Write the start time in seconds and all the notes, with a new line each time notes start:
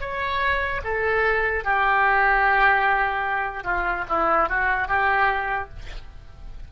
0.00 C#5
0.83 A4
1.64 G4
3.64 F4
4.08 E4
4.49 F#4
4.88 G4